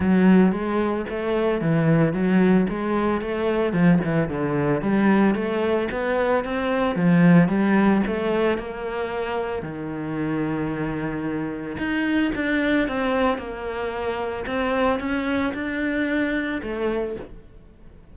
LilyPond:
\new Staff \with { instrumentName = "cello" } { \time 4/4 \tempo 4 = 112 fis4 gis4 a4 e4 | fis4 gis4 a4 f8 e8 | d4 g4 a4 b4 | c'4 f4 g4 a4 |
ais2 dis2~ | dis2 dis'4 d'4 | c'4 ais2 c'4 | cis'4 d'2 a4 | }